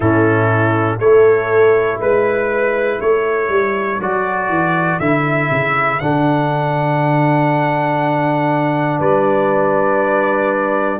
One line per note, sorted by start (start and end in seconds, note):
0.00 0.99 A2
0.00 1.00 C#4
0.00 1.00 E4
0.00 0.99 A4
0.99 1.99 A3
0.99 4.00 E4
0.99 2.01 A4
0.99 1.99 C#5
2.00 3.00 G#3
2.00 3.00 B4
3.00 3.49 A3
3.00 8.99 A4
3.00 4.00 C#5
3.49 3.99 G3
4.00 4.49 F#3
4.00 5.00 F#4
4.00 4.99 D5
4.49 4.99 E3
4.99 5.49 D3
4.99 6.00 E4
4.99 5.99 E5
5.50 6.00 C#3
5.99 8.99 D3
5.99 10.99 D4
5.99 8.99 F#5
8.99 10.99 G3
8.99 10.99 B4
8.99 10.99 D5